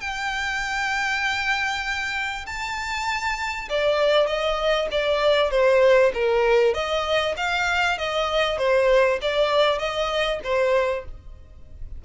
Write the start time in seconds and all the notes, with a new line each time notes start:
0.00 G5
2.46 A5
3.69 D5
4.26 D#5
4.91 D5
5.50 C5
6.14 A#4
6.73 D#5
7.37 F5
7.97 D#5
8.58 C5
9.21 D5
9.78 D#5
10.43 C5